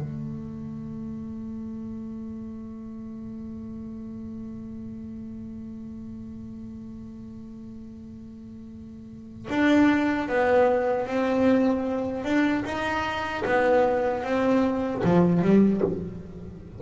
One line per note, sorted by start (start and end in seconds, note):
0.00 9.47 A3
9.50 10.28 D4
10.28 11.07 B3
11.07 12.24 C4
12.24 12.64 D4
12.65 13.44 D#4
13.45 14.24 B3
14.24 15.03 C4
15.04 15.42 F3
15.42 15.81 G3